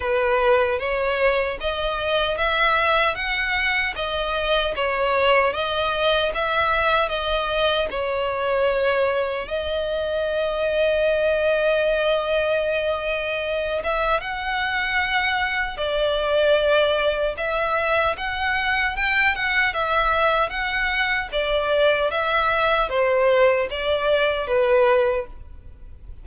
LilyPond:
\new Staff \with { instrumentName = "violin" } { \time 4/4 \tempo 4 = 76 b'4 cis''4 dis''4 e''4 | fis''4 dis''4 cis''4 dis''4 | e''4 dis''4 cis''2 | dis''1~ |
dis''4. e''8 fis''2 | d''2 e''4 fis''4 | g''8 fis''8 e''4 fis''4 d''4 | e''4 c''4 d''4 b'4 | }